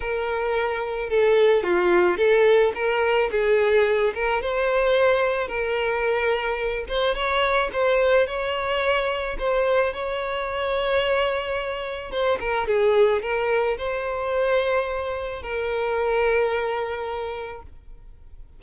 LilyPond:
\new Staff \with { instrumentName = "violin" } { \time 4/4 \tempo 4 = 109 ais'2 a'4 f'4 | a'4 ais'4 gis'4. ais'8 | c''2 ais'2~ | ais'8 c''8 cis''4 c''4 cis''4~ |
cis''4 c''4 cis''2~ | cis''2 c''8 ais'8 gis'4 | ais'4 c''2. | ais'1 | }